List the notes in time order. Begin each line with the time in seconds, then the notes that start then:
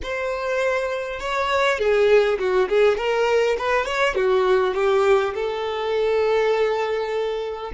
0.02 C5
1.20 C#5
1.78 G#4
2.38 F#4
2.68 G#4
2.97 A#4
3.58 B4
3.85 C#5
4.14 F#4
4.74 G4
5.34 A4